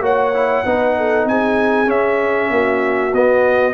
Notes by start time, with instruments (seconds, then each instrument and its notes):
0.00 tuba A#3, trombone F#4, horn C#5, trumpet F#5
0.34 trombone E4
0.65 tuba B3, trombone D#4, horn B4
0.98 horn A4
1.26 tuba C4, horn G#4, trumpet G#5
1.86 trombone C#4, tuba C#4, trumpet E5
2.51 tuba A#3, horn F#4
3.13 tuba B3, trombone B3, trumpet D#5